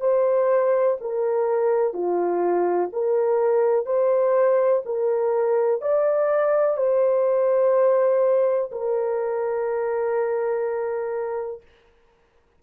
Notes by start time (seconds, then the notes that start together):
0.00 C5
1.00 A#4
1.93 F4
2.92 A#4
3.85 C5
4.85 A#4
5.81 D5
6.77 C5
8.71 A#4